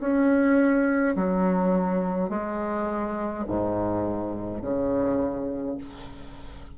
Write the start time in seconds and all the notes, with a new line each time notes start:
0.00 C#4
1.16 F#3
2.29 G#3
3.48 G#2
4.62 C#3